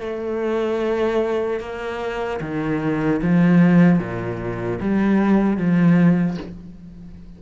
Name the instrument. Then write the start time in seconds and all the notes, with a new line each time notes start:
cello
0.00 A3
1.60 A#3
2.41 D#3
3.22 F3
3.99 A#2
4.80 G3
5.57 F3